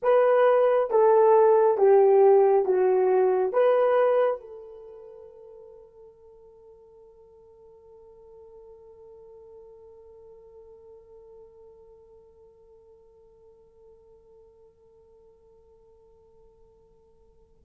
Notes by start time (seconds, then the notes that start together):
0.02 B4
0.90 A4
1.77 G4
2.65 F#4
3.52 B4
4.40 A4